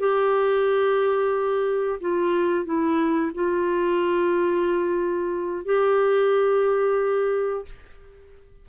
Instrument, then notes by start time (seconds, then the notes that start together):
clarinet
0.00 G4
2.01 F4
2.65 E4
3.35 F4
5.66 G4